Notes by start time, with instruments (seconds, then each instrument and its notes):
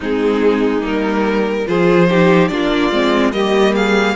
0.00 cello G#3, viola C4, violin D#4 G#4
0.80 cello G3, viola A#3
0.86 violin A#4
1.66 cello F3, viola F4, violin G#4 C5
2.09 viola D#4, violin G4
2.48 cello A#3, viola D4, violin F4 D5
2.91 cello G#3, viola C4
3.32 cello G3, viola A#3, violin G4 D#5
3.73 violin G#4 F5